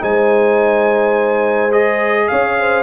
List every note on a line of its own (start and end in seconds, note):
0.00 2.29 G#3
0.00 1.70 D#4
0.00 2.28 C5
0.00 1.72 G#5
1.71 2.83 G#4
1.71 2.28 D#5
2.28 2.83 C#4
2.28 2.59 C#5
2.28 2.83 F5
2.60 2.83 C5